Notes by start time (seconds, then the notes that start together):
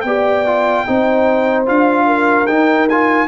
0.00 B3 D5 G5
0.06 G4
0.45 F4
0.86 C4 D#4 C5
1.65 D4 F4 F5
2.06 A#4
2.46 D#4 G5
2.89 F4 G#5